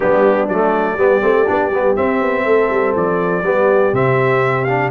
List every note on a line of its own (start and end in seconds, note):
0.00 0.48 G3
0.00 0.48 B3
0.00 0.96 D4
0.00 0.48 G4
0.48 0.97 F#3
0.48 0.98 A3
0.48 1.95 D5
0.97 1.21 G3
0.97 1.21 B3
0.97 2.44 G4
1.21 1.47 A3
1.21 1.45 C4
1.47 1.70 B3
1.47 1.71 D4
1.70 1.95 G3
1.70 1.96 B3
1.95 3.43 C4
1.95 2.21 C4
1.95 2.94 E5
2.21 2.44 B3
2.44 2.69 A3
2.44 3.42 A4
2.70 2.94 G3
2.95 3.42 F3
2.95 3.94 D5
3.42 3.91 G3
3.42 3.93 B3
3.42 4.91 G4
3.92 4.91 C3
3.92 4.67 C4
3.92 4.64 E5
4.64 4.91 D4
4.64 4.89 F5